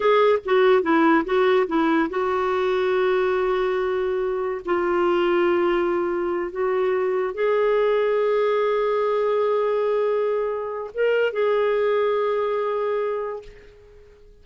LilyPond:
\new Staff \with { instrumentName = "clarinet" } { \time 4/4 \tempo 4 = 143 gis'4 fis'4 e'4 fis'4 | e'4 fis'2.~ | fis'2. f'4~ | f'2.~ f'8 fis'8~ |
fis'4. gis'2~ gis'8~ | gis'1~ | gis'2 ais'4 gis'4~ | gis'1 | }